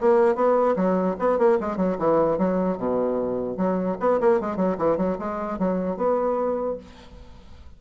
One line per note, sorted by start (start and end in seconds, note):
0.00 0.35 A#3
0.35 0.75 B3
0.75 1.15 F#3
1.19 1.38 B3
1.38 1.58 A#3
1.60 1.76 G#3
1.76 1.96 F#3
1.98 2.37 E3
2.37 2.77 F#3
2.77 3.57 B2
3.57 3.97 F#3
3.99 4.19 B3
4.20 4.40 A#3
4.40 4.56 G#3
4.56 4.76 F#3
4.77 4.97 E3
4.97 5.17 F#3
5.18 5.58 G#3
5.58 5.96 F#3
5.96 6.76 B3